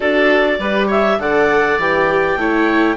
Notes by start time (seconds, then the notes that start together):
0.00 D4 F#4 A4 D5
0.58 G3 G4 B4
0.87 C#5 E5
1.18 D3 A4 D5 F#5
1.78 E3 G4 G5
2.36 A3 E4 C#5